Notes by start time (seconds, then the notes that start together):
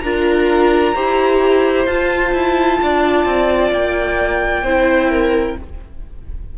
0.00 D4 F4 A#4 A#5
0.94 E4 G4 C5
1.86 F4 A5
2.33 E4
2.82 D4 D5
3.25 C4
3.72 A#3 G5
4.63 C4 E4 C5
5.10 A#4